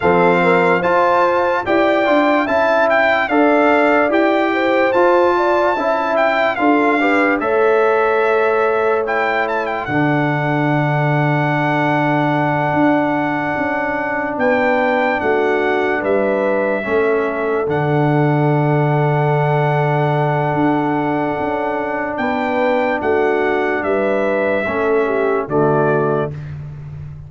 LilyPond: <<
  \new Staff \with { instrumentName = "trumpet" } { \time 4/4 \tempo 4 = 73 f''4 a''4 g''4 a''8 g''8 | f''4 g''4 a''4. g''8 | f''4 e''2 g''8 a''16 g''16 | fis''1~ |
fis''4. g''4 fis''4 e''8~ | e''4. fis''2~ fis''8~ | fis''2. g''4 | fis''4 e''2 d''4 | }
  \new Staff \with { instrumentName = "horn" } { \time 4/4 a'8 ais'8 c''4 d''4 e''4 | d''4. c''4 d''8 e''4 | a'8 b'8 cis''2. | a'1~ |
a'4. b'4 fis'4 b'8~ | b'8 a'2.~ a'8~ | a'2. b'4 | fis'4 b'4 a'8 g'8 fis'4 | }
  \new Staff \with { instrumentName = "trombone" } { \time 4/4 c'4 f'4 g'8 f'8 e'4 | a'4 g'4 f'4 e'4 | f'8 g'8 a'2 e'4 | d'1~ |
d'1~ | d'8 cis'4 d'2~ d'8~ | d'1~ | d'2 cis'4 a4 | }
  \new Staff \with { instrumentName = "tuba" } { \time 4/4 f4 f'4 e'8 d'8 cis'4 | d'4 e'4 f'4 cis'4 | d'4 a2. | d2.~ d8 d'8~ |
d'8 cis'4 b4 a4 g8~ | g8 a4 d2~ d8~ | d4 d'4 cis'4 b4 | a4 g4 a4 d4 | }
>>